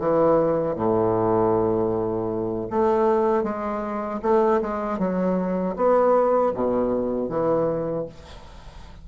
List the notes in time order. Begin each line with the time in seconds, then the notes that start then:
0.00 E3
0.76 A2
2.71 A3
3.44 G#3
4.23 A3
4.62 G#3
4.99 F#3
5.77 B3
6.55 B2
7.29 E3